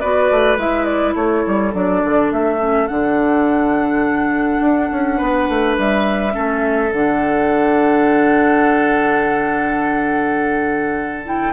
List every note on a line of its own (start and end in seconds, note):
0.00 0.31 B3
0.00 0.58 F#4
0.00 1.15 B4
0.00 0.58 D5
0.31 0.57 A3
0.57 1.15 G#3
0.57 1.73 E4
0.57 0.84 E5
0.84 1.13 D5
1.15 1.44 A3
1.15 5.18 A4
1.15 1.73 C#5
1.47 1.74 G3
1.73 2.03 F#3
1.73 2.59 D4
1.73 2.32 D5
2.05 2.32 D3
2.32 2.90 A3
2.32 2.87 E5
2.59 2.87 C#4
2.87 4.60 D3
2.87 6.32 D4
2.87 5.76 F#5
4.60 4.89 D4
4.92 5.20 C#4
5.18 5.49 B3
5.18 6.33 B4
5.49 5.78 A3
5.78 6.36 G3
5.78 6.93 E5
6.32 6.92 A3
6.32 6.89 C#4
6.32 11.53 A4
6.92 11.53 D3
6.92 11.26 D4
6.92 11.25 F#5
11.26 11.53 E4
11.26 11.53 G5